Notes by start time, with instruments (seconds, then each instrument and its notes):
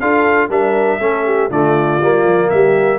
0.00 tuba D4, trombone F4, horn A4, trumpet F5
0.49 tuba G3, trombone D4, horn A#4, trumpet E5
0.99 tuba A3, trombone C#4, horn A4
1.25 horn G4
1.50 tuba D3, trombone A3, horn F4, trumpet D5
2.01 tuba G3, trombone A#3
2.24 tuba F3
2.49 tuba G3, horn G4, trumpet E5